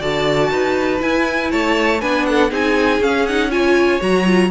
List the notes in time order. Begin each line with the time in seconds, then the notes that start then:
0.00 D3 F#4 D5 A5
0.51 D#4 B4
0.99 E4 G#5
1.51 A3 C#5 A5
2.01 B3 D4 B4 G#5
2.26 A4 F#5
2.50 C4 D#4 G#4 G#5
3.00 C#4 F5
3.26 D#4 F#5
3.50 F4 C#5 G#5
4.00 F#3 F#4 A#5
4.26 F4